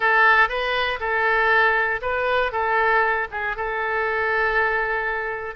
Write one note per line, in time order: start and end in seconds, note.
0.00 0.48 A4
0.48 0.99 B4
0.99 2.00 A4
2.01 2.51 B4
2.51 3.27 A4
3.31 3.56 G#4
3.56 5.55 A4